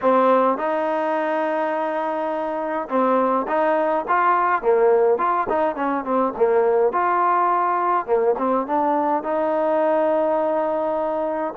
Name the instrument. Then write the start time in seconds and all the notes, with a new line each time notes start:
trombone
0.01 C4
0.57 D#4
2.88 C4
3.47 D#4
4.08 F4
4.62 A#3
5.18 F4
5.49 D#4
5.75 C#4
6.04 C4
6.36 A#3
6.92 F4
8.06 A#3
8.38 C4
8.66 D4
9.23 D#4